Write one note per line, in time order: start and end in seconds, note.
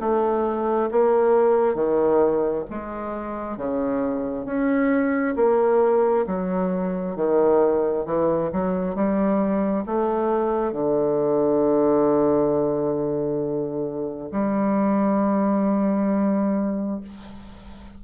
0.00 0.90 A3
0.91 1.75 A#3
1.75 2.64 D#3
2.69 3.57 G#3
3.57 4.45 C#3
4.45 5.35 C#4
5.36 6.25 A#3
6.26 7.16 F#3
7.16 8.05 D#3
8.05 8.50 E3
8.52 8.95 F#3
8.95 9.84 G3
9.86 10.72 A3
10.72 14.30 D3
14.32 17.00 G3